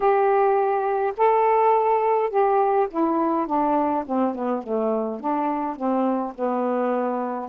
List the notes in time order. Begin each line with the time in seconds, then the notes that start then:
0.00 G4
1.17 A4
2.30 G4
2.90 E4
3.46 D4
4.06 C4
4.34 B3
4.63 A3
5.20 D4
5.75 C4
6.35 B3